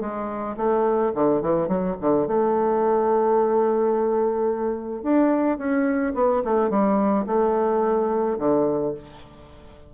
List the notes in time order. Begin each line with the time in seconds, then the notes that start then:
0.00 G#3
0.57 A3
1.14 D3
1.41 E3
1.68 F#3
2.01 D3
2.27 A3
5.03 D4
5.58 C#4
6.14 B3
6.44 A3
6.70 G3
7.26 A3
8.38 D3